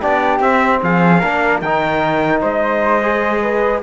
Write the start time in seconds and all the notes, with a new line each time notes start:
0.00 B3 D4 G4 D5
0.40 C4 E5
0.83 F3 G#4 F5
1.19 A#3 D4 A#4
1.61 D#3 D#4 G5
2.41 G#3 C5 D#5
3.02 G#4
3.41 B4